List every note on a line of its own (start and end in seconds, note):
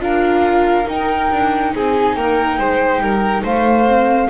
0.00 0.86 D4
0.00 0.84 F4
0.00 1.74 A#4
0.00 0.88 F5
0.84 3.84 D#4
0.84 1.31 D#4
0.84 1.75 G5
1.32 1.74 D4
1.75 2.16 C4
1.75 2.17 G#4
1.75 2.16 G#5
2.16 2.59 A#3
2.16 2.59 A#4
2.16 3.44 G5
2.59 3.00 G#3
2.59 3.02 C5
3.00 3.43 G3
3.00 3.43 A#4
3.43 4.30 A3
3.43 4.29 C5
3.43 4.31 F5
3.87 4.30 C4